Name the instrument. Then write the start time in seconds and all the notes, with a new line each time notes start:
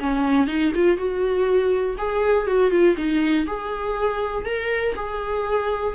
viola
0.00 C#4
0.47 D#4
0.75 F4
0.97 F#4
1.98 G#4
2.47 F#4
2.71 F4
2.97 D#4
3.47 G#4
4.45 A#4
4.95 G#4